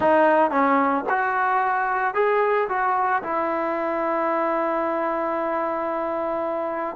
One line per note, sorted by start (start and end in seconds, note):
0.00 0.50 D#4
0.50 1.04 C#4
1.09 2.14 F#4
2.14 2.68 G#4
2.68 3.22 F#4
3.23 6.96 E4